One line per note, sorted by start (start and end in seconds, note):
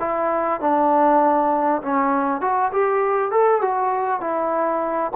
0.00 0.61 E4
0.61 1.82 D4
1.82 2.41 C#4
2.41 2.72 F#4
2.72 3.32 G4
3.32 3.61 A4
3.61 4.21 F#4
4.21 5.12 E4